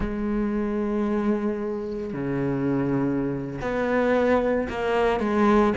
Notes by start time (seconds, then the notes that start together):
0.00 G#3
2.13 C#3
3.61 B3
4.69 A#3
5.20 G#3